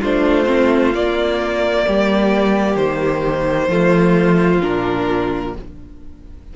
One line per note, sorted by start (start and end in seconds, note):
0.00 0.94 A3
0.00 0.45 D4
0.00 1.85 F4
0.00 0.94 C5
0.45 0.92 C4
0.94 1.86 A#3
0.94 3.70 A#3
0.94 2.76 D5
1.87 2.76 G3
1.87 3.68 G4
2.76 3.68 D#3
2.76 4.61 C5
3.68 4.60 F3
3.68 4.61 A3
3.68 5.53 F4
4.61 5.56 A#2
4.61 5.54 D4
4.61 5.54 A#4